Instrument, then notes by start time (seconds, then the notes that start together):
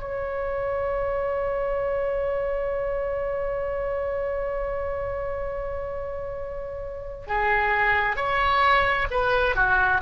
oboe
0.00 C#5
7.26 G#4
8.16 C#5
9.10 B4
9.55 F#4